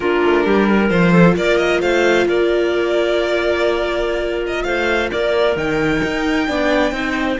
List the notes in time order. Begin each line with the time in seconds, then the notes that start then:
0.00 A#3 D4 F4 A#4
0.24 A3
0.45 G3 G4
0.66 A#4
0.89 F3 F4 C5
1.12 A4
1.36 A#3 A#4 D5
1.57 D#5
1.81 A3 C5 F5
2.25 A#3 A#4 D5
4.46 D#5
4.63 A3 C5 F5
5.11 A#3 A#4 D5
5.56 D#3 D#4 G5
6.03 D#4
6.47 B3 D4 D5
6.92 C4 D#4 C5